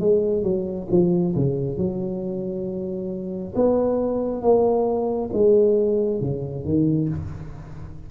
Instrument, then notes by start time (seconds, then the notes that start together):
tuba
0.00 G#3
0.43 F#3
0.91 F3
1.36 C#3
1.78 F#3
3.55 B3
4.42 A#3
5.33 G#3
6.21 C#3
6.65 D#3